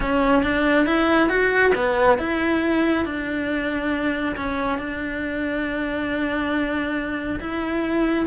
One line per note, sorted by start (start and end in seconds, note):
0.00 0.42 C#4
0.42 0.86 D4
0.86 1.29 E4
1.29 1.72 F#4
1.74 2.18 B3
2.18 3.05 E4
3.05 4.35 D4
4.36 4.78 C#4
4.78 7.39 D4
7.39 8.26 E4